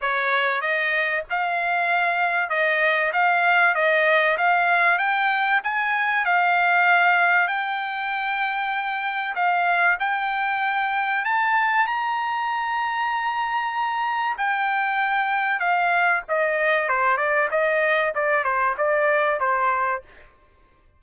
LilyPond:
\new Staff \with { instrumentName = "trumpet" } { \time 4/4 \tempo 4 = 96 cis''4 dis''4 f''2 | dis''4 f''4 dis''4 f''4 | g''4 gis''4 f''2 | g''2. f''4 |
g''2 a''4 ais''4~ | ais''2. g''4~ | g''4 f''4 dis''4 c''8 d''8 | dis''4 d''8 c''8 d''4 c''4 | }